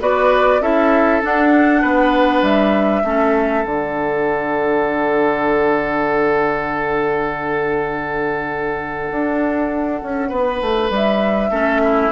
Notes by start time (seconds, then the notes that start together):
0.00 B3 F#4 B4 D5
0.61 C#4 E4 A4 E5
1.22 D4 F#5
1.82 B3 B4
2.42 G3 E5
3.04 A3 C#4 A4
3.64 D3 D4 F#5
9.11 D4
10.03 C#4
10.29 B3 B4
10.61 A3
10.90 G3 E5
11.50 A3 C#4 A4
11.84 E4